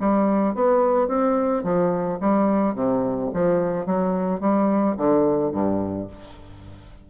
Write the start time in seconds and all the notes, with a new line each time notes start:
0.00 G3
0.55 B3
1.08 C4
1.63 F3
2.20 G3
2.75 C3
3.33 F3
3.86 F#3
4.40 G3
4.97 D3
5.52 G2